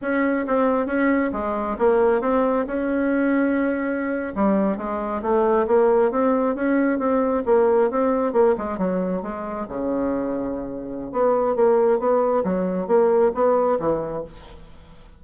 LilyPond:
\new Staff \with { instrumentName = "bassoon" } { \time 4/4 \tempo 4 = 135 cis'4 c'4 cis'4 gis4 | ais4 c'4 cis'2~ | cis'4.~ cis'16 g4 gis4 a16~ | a8. ais4 c'4 cis'4 c'16~ |
c'8. ais4 c'4 ais8 gis8 fis16~ | fis8. gis4 cis2~ cis16~ | cis4 b4 ais4 b4 | fis4 ais4 b4 e4 | }